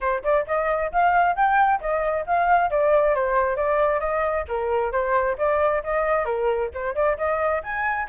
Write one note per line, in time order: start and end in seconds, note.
0.00 0.23 C5
0.23 0.45 D5
0.46 0.91 D#5
0.92 1.35 F5
1.35 1.80 G5
1.80 2.25 D#5
2.26 2.70 F5
2.70 3.14 D5
3.14 3.56 C5
3.56 4.00 D5
4.00 4.45 D#5
4.48 4.91 A#4
4.91 5.36 C5
5.38 5.82 D5
5.83 6.25 D#5
6.25 6.69 A#4
6.73 6.94 C5
6.94 7.17 D5
7.17 7.62 D#5
7.63 8.08 G#5